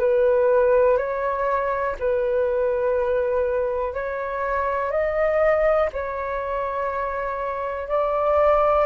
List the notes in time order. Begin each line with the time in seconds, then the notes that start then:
0.00 B4
0.98 C#5
2.00 B4
3.94 C#5
4.91 D#5
5.93 C#5
7.89 D5